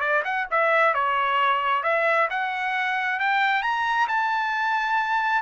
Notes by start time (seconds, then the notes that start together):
0.00 D5
0.24 F#5
0.50 E5
0.94 C#5
1.83 E5
2.30 F#5
3.19 G5
3.62 A#5
4.07 A5